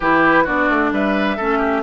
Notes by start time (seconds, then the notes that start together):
0.00 E3 E4 G4 B4
0.44 B3 D4 F#4 D5
0.69 A3
0.91 G3 B4 E5
1.37 A3 C#4 A4
1.58 G4